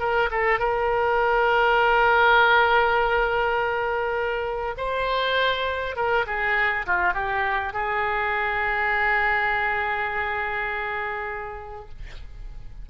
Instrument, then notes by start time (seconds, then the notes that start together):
oboe
0.00 A#4
0.31 A4
0.59 A#4
4.78 C5
5.96 A#4
6.27 G#4
6.87 F4
7.14 G4
7.73 G#4